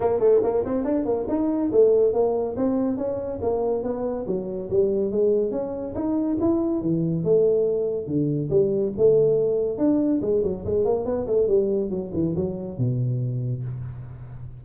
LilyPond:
\new Staff \with { instrumentName = "tuba" } { \time 4/4 \tempo 4 = 141 ais8 a8 ais8 c'8 d'8 ais8 dis'4 | a4 ais4 c'4 cis'4 | ais4 b4 fis4 g4 | gis4 cis'4 dis'4 e'4 |
e4 a2 d4 | g4 a2 d'4 | gis8 fis8 gis8 ais8 b8 a8 g4 | fis8 e8 fis4 b,2 | }